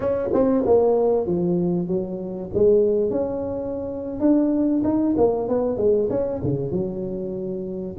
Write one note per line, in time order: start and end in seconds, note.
0.00 0.29 C#4
0.33 0.64 C4
0.66 1.26 A#3
1.26 1.87 F3
1.87 2.50 F#3
2.54 3.10 G#3
3.10 4.19 C#4
4.20 4.82 D4
4.84 5.15 D#4
5.17 5.48 A#3
5.48 5.77 B3
5.77 6.08 G#3
6.10 6.41 C#4
6.43 6.71 C#3
6.71 7.96 F#3